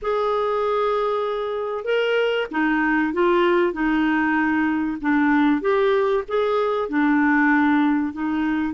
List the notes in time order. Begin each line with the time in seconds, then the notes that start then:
0.01 G#4
1.84 A#4
2.51 D#4
3.13 F4
3.72 D#4
5.01 D4
5.61 G4
6.28 G#4
6.88 D4
8.12 D#4